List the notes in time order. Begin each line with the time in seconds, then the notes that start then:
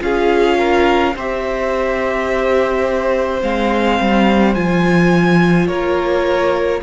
0.00 C#4 F4 G#4 F5
0.58 A#4
1.15 C4 G4 C5 E5
3.41 G#3 C4 F5
4.00 G3
4.55 F3 F4 G#5
5.67 A#3 A#4 C#5